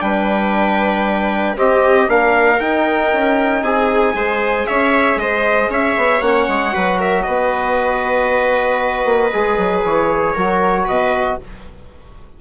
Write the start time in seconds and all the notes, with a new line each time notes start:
0.00 G3 D4 B4 G5
1.55 C4 G4 D#5
2.07 A#3 D4 A#4 F5
2.60 D#4 G5
3.12 C#4
3.62 C4 G#4 G#5
4.14 G#3 G#4 C5
4.66 C#4 C#5 E5
5.16 G#3 C5 D#5
5.69 C#4 C#5 E5
5.97 B3
6.21 A#3 C#4 F#5
6.48 G#3
6.71 F#3 F#4 B4
6.98 A#4 E5
7.23 B3 B4 D#5
9.04 A#3
9.32 G#3 G#4
9.57 F#3
9.84 E3 C#5
10.33 F#3 F#4 A#4
10.84 B2 B4 D#5